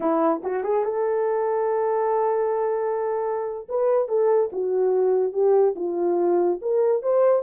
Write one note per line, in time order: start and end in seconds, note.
0.00 0.41 E4
0.43 0.63 F#4
0.63 0.84 G#4
0.84 3.67 A4
3.68 4.08 B4
4.08 4.50 A4
4.52 5.32 F#4
5.32 5.74 G4
5.75 6.59 F4
6.61 7.02 A#4
7.02 7.42 C5